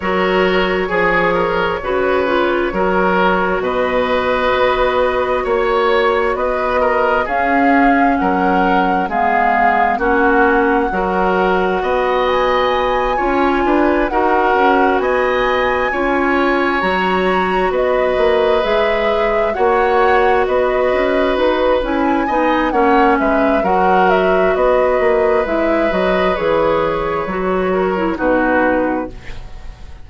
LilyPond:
<<
  \new Staff \with { instrumentName = "flute" } { \time 4/4 \tempo 4 = 66 cis''1 | dis''2 cis''4 dis''4 | f''4 fis''4 f''4 fis''4~ | fis''4. gis''2 fis''8~ |
fis''8 gis''2 ais''4 dis''8~ | dis''8 e''4 fis''4 dis''4 b'8 | gis''4 fis''8 e''8 fis''8 e''8 dis''4 | e''8 dis''8 cis''2 b'4 | }
  \new Staff \with { instrumentName = "oboe" } { \time 4/4 ais'4 gis'8 ais'8 b'4 ais'4 | b'2 cis''4 b'8 ais'8 | gis'4 ais'4 gis'4 fis'4 | ais'4 dis''4. cis''8 b'8 ais'8~ |
ais'8 dis''4 cis''2 b'8~ | b'4. cis''4 b'4.~ | b'8 dis''8 cis''8 b'8 ais'4 b'4~ | b'2~ b'8 ais'8 fis'4 | }
  \new Staff \with { instrumentName = "clarinet" } { \time 4/4 fis'4 gis'4 fis'8 f'8 fis'4~ | fis'1 | cis'2 b4 cis'4 | fis'2~ fis'8 f'4 fis'8~ |
fis'4. f'4 fis'4.~ | fis'8 gis'4 fis'2~ fis'8 | e'8 dis'8 cis'4 fis'2 | e'8 fis'8 gis'4 fis'8. e'16 dis'4 | }
  \new Staff \with { instrumentName = "bassoon" } { \time 4/4 fis4 f4 cis4 fis4 | b,4 b4 ais4 b4 | cis'4 fis4 gis4 ais4 | fis4 b4. cis'8 d'8 dis'8 |
cis'8 b4 cis'4 fis4 b8 | ais8 gis4 ais4 b8 cis'8 dis'8 | cis'8 b8 ais8 gis8 fis4 b8 ais8 | gis8 fis8 e4 fis4 b,4 | }
>>